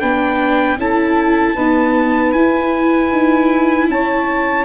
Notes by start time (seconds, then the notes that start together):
0.00 B3 D4 B4 G5
0.78 C#4 E4 A4 A5
1.54 B3 D#4 B4
2.33 E4 G#5
3.12 D#4
3.89 C#4 C#5 A5